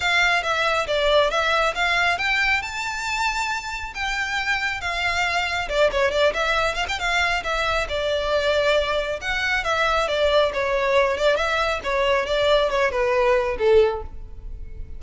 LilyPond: \new Staff \with { instrumentName = "violin" } { \time 4/4 \tempo 4 = 137 f''4 e''4 d''4 e''4 | f''4 g''4 a''2~ | a''4 g''2 f''4~ | f''4 d''8 cis''8 d''8 e''4 f''16 g''16 |
f''4 e''4 d''2~ | d''4 fis''4 e''4 d''4 | cis''4. d''8 e''4 cis''4 | d''4 cis''8 b'4. a'4 | }